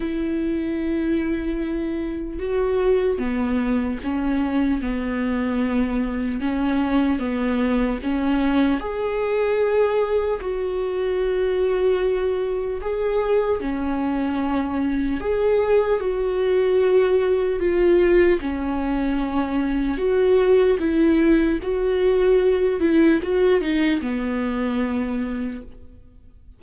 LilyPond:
\new Staff \with { instrumentName = "viola" } { \time 4/4 \tempo 4 = 75 e'2. fis'4 | b4 cis'4 b2 | cis'4 b4 cis'4 gis'4~ | gis'4 fis'2. |
gis'4 cis'2 gis'4 | fis'2 f'4 cis'4~ | cis'4 fis'4 e'4 fis'4~ | fis'8 e'8 fis'8 dis'8 b2 | }